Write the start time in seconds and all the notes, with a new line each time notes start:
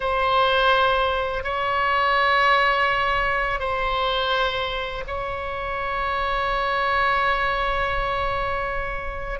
0.00 C5
1.43 C#5
3.59 C5
5.07 C#5